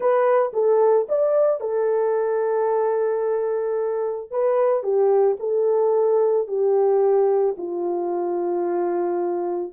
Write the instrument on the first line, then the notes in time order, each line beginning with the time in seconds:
horn
0.00 B4
0.53 A4
1.08 D5
1.60 A4
4.30 B4
4.83 G4
5.39 A4
6.47 G4
7.57 F4